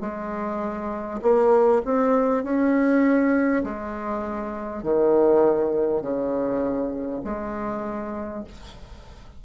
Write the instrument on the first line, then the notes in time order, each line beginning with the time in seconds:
bassoon
0.00 G#3
1.22 A#3
1.84 C4
2.43 C#4
3.63 G#3
4.83 D#3
6.02 C#3
7.24 G#3